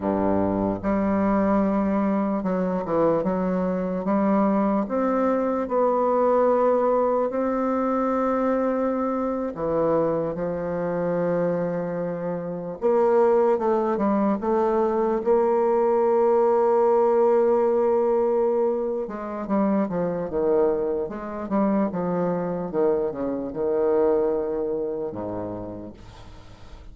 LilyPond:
\new Staff \with { instrumentName = "bassoon" } { \time 4/4 \tempo 4 = 74 g,4 g2 fis8 e8 | fis4 g4 c'4 b4~ | b4 c'2~ c'8. e16~ | e8. f2. ais16~ |
ais8. a8 g8 a4 ais4~ ais16~ | ais2.~ ais8 gis8 | g8 f8 dis4 gis8 g8 f4 | dis8 cis8 dis2 gis,4 | }